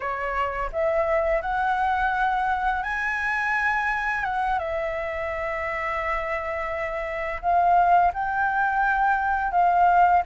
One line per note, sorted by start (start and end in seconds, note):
0.00 0.70 C#5
0.72 1.41 E5
1.41 2.82 F#5
2.82 4.24 G#5
4.24 4.59 F#5
4.59 7.41 E5
7.41 8.12 F5
8.13 9.51 G5
9.51 10.22 F5